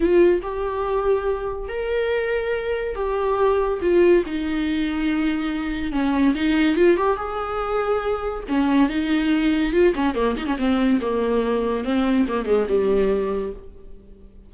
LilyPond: \new Staff \with { instrumentName = "viola" } { \time 4/4 \tempo 4 = 142 f'4 g'2. | ais'2. g'4~ | g'4 f'4 dis'2~ | dis'2 cis'4 dis'4 |
f'8 g'8 gis'2. | cis'4 dis'2 f'8 cis'8 | ais8 dis'16 cis'16 c'4 ais2 | c'4 ais8 gis8 g2 | }